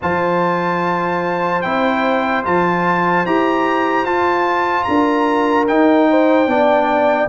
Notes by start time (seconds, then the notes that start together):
0.01 F3 F4 C5 A5
1.61 C4 E4 G5
2.44 F3 F4 A5
3.26 E4 G4 A#5
4.04 F4 A5
4.83 D4 A#4 A#5
5.67 D#4 G5
6.09 C5
6.47 B3 D4 D5